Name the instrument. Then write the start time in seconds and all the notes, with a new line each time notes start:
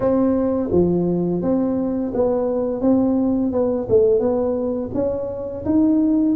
tuba
0.00 C4
0.71 F3
1.41 C4
2.14 B3
2.81 C4
3.52 B3
3.89 A3
4.19 B3
4.94 C#4
5.65 D#4